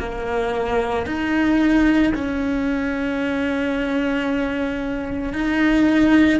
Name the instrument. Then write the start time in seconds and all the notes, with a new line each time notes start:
cello
0.00 A#3
1.06 D#4
2.15 C#4
5.34 D#4